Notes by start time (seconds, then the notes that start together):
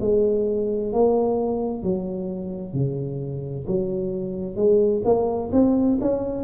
0.00 G#3
0.92 A#3
1.83 F#3
2.73 C#3
3.67 F#3
4.56 G#3
5.04 A#3
5.52 C4
6.01 C#4